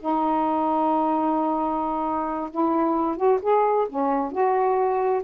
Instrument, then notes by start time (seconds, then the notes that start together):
saxophone
0.00 D#4
2.51 E4
3.17 F#4
3.42 G#4
3.89 C#4
4.32 F#4